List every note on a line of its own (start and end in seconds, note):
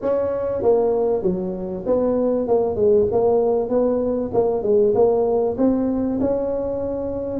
0.01 0.62 C#4
0.62 1.22 A#3
1.22 1.84 F#3
1.86 2.47 B3
2.47 2.75 A#3
2.75 3.06 G#3
3.11 3.69 A#3
3.69 4.30 B3
4.33 4.63 A#3
4.63 4.93 G#3
4.94 5.56 A#3
5.57 6.19 C4
6.20 7.39 C#4